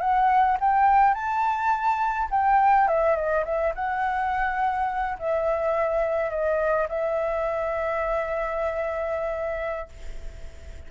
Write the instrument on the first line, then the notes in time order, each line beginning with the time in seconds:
flute
0.00 F#5
0.60 G5
1.14 A5
2.30 G5
2.87 E5
3.15 D#5
3.45 E5
3.75 F#5
5.18 E5
6.30 D#5
6.88 E5